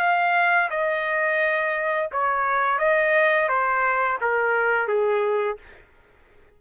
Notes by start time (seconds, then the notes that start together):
0.00 F5
0.71 D#5
2.12 C#5
2.79 D#5
3.49 C5
4.21 A#4
4.88 G#4